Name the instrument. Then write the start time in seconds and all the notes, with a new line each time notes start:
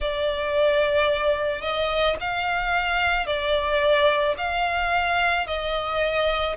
violin
0.00 D5
1.61 D#5
2.20 F5
3.26 D5
4.37 F5
5.46 D#5